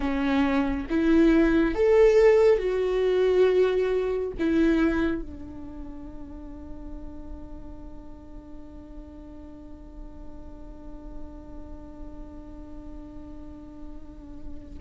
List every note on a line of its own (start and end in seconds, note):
0.00 0.87 C#4
0.89 1.74 E4
1.74 2.58 A4
2.58 4.32 F#4
4.39 5.21 E4
5.21 14.78 D4